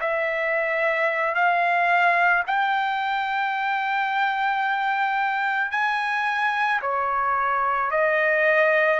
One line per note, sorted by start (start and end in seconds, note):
0.00 1.34 E5
1.34 2.43 F5
2.46 5.71 G5
5.71 6.80 G#5
6.81 7.90 C#5
7.90 9.00 D#5